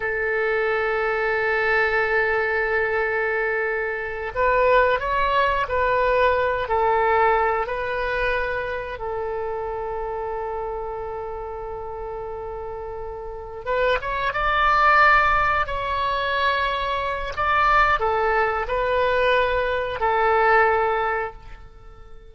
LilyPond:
\new Staff \with { instrumentName = "oboe" } { \time 4/4 \tempo 4 = 90 a'1~ | a'2~ a'8 b'4 cis''8~ | cis''8 b'4. a'4. b'8~ | b'4. a'2~ a'8~ |
a'1~ | a'8 b'8 cis''8 d''2 cis''8~ | cis''2 d''4 a'4 | b'2 a'2 | }